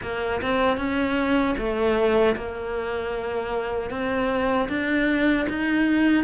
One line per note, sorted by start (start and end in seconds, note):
0.02 0.41 A#3
0.41 0.77 C4
0.77 1.55 C#4
1.58 2.36 A3
2.36 3.90 A#3
3.90 4.68 C4
4.68 5.46 D4
5.48 6.24 D#4